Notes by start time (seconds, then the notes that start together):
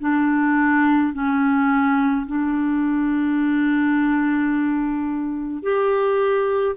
0.00 D4
1.13 C#4
2.26 D4
5.62 G4